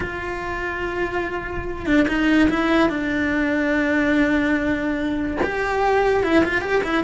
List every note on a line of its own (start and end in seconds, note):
0.00 1.85 F4
1.85 2.06 D4
2.08 2.49 D#4
2.49 2.89 E4
2.89 5.37 D4
5.43 6.23 G4
6.23 6.43 E4
6.44 6.61 F4
6.61 6.82 G4
6.83 7.03 E4